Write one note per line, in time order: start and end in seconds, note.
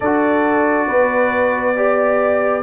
0.00 0.88 D4
0.00 1.76 F#4
0.00 0.87 A4
0.00 2.62 D5
0.87 2.62 B3
0.87 1.75 B4
1.76 2.62 G4
1.76 2.62 D5